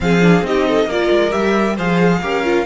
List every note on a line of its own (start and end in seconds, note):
0.00 0.42 F3
0.00 0.21 C4
0.00 0.47 G#4
0.00 0.45 F5
0.21 0.43 D4
0.42 0.85 C4
0.42 0.89 D#4
0.42 0.68 G4
0.42 0.90 D#5
0.68 0.88 A4
0.85 1.08 A#3
0.85 1.31 F4
0.85 1.75 A#4
0.85 1.32 D5
1.10 1.33 G#3
1.31 1.78 G3
1.31 1.75 G4
1.31 1.76 E5
1.75 2.22 F3
1.75 2.22 G#4
1.75 2.20 C5
1.75 2.66 F5
2.22 2.66 C#4
2.22 2.44 G4
2.22 2.66 A#4
2.44 2.66 F4